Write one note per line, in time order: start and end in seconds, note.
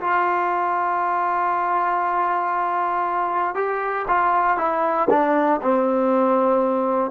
0.00 3.55 F4
3.55 4.05 G4
4.08 4.57 F4
4.57 5.08 E4
5.09 5.60 D4
5.62 7.11 C4